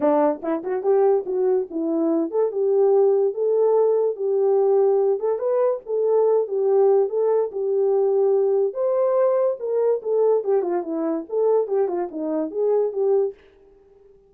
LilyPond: \new Staff \with { instrumentName = "horn" } { \time 4/4 \tempo 4 = 144 d'4 e'8 fis'8 g'4 fis'4 | e'4. a'8 g'2 | a'2 g'2~ | g'8 a'8 b'4 a'4. g'8~ |
g'4 a'4 g'2~ | g'4 c''2 ais'4 | a'4 g'8 f'8 e'4 a'4 | g'8 f'8 dis'4 gis'4 g'4 | }